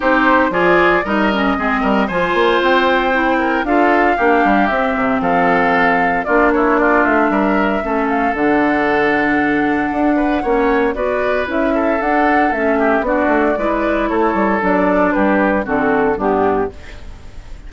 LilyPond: <<
  \new Staff \with { instrumentName = "flute" } { \time 4/4 \tempo 4 = 115 c''4 d''4 dis''2 | gis''4 g''2 f''4~ | f''4 e''4 f''2 | d''8 cis''8 d''8 e''2 f''8 |
fis''1~ | fis''4 d''4 e''4 fis''4 | e''4 d''2 cis''4 | d''4 b'4 a'4 g'4 | }
  \new Staff \with { instrumentName = "oboe" } { \time 4/4 g'4 gis'4 ais'4 gis'8 ais'8 | c''2~ c''8 ais'8 a'4 | g'2 a'2 | f'8 e'8 f'4 ais'4 a'4~ |
a'2.~ a'8 b'8 | cis''4 b'4. a'4.~ | a'8 g'8 fis'4 b'4 a'4~ | a'4 g'4 fis'4 d'4 | }
  \new Staff \with { instrumentName = "clarinet" } { \time 4/4 dis'4 f'4 dis'8 cis'8 c'4 | f'2 e'4 f'4 | d'4 c'2. | d'2. cis'4 |
d'1 | cis'4 fis'4 e'4 d'4 | cis'4 d'4 e'2 | d'2 c'4 b4 | }
  \new Staff \with { instrumentName = "bassoon" } { \time 4/4 c'4 f4 g4 gis8 g8 | f8 ais8 c'2 d'4 | ais8 g8 c'8 c8 f2 | ais4. a8 g4 a4 |
d2. d'4 | ais4 b4 cis'4 d'4 | a4 b8 a8 gis4 a8 g8 | fis4 g4 d4 g,4 | }
>>